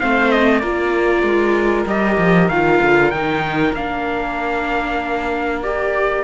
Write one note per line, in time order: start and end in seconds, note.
0.00 0.63 A3
0.00 0.62 C4
0.00 0.61 C5
0.00 0.31 F5
0.31 0.60 D#5
0.60 1.23 A#3
0.60 1.87 F4
0.60 6.23 A#4
0.60 1.85 D5
1.23 1.85 G#3
1.86 2.17 G3
1.86 2.51 G4
1.86 2.49 D#5
2.18 2.49 F3
2.49 2.80 D#3
2.49 3.13 F4
2.49 3.11 F5
2.82 3.12 D3
3.11 3.73 D#3
3.11 3.75 D#4
3.11 3.73 G5
3.73 6.23 A#3
3.73 5.63 D4
3.73 5.62 F5
5.62 6.23 G4
5.62 6.23 D5